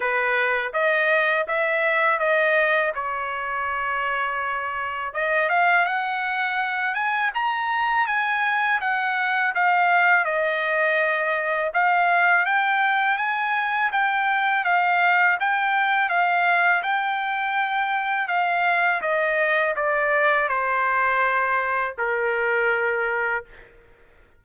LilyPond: \new Staff \with { instrumentName = "trumpet" } { \time 4/4 \tempo 4 = 82 b'4 dis''4 e''4 dis''4 | cis''2. dis''8 f''8 | fis''4. gis''8 ais''4 gis''4 | fis''4 f''4 dis''2 |
f''4 g''4 gis''4 g''4 | f''4 g''4 f''4 g''4~ | g''4 f''4 dis''4 d''4 | c''2 ais'2 | }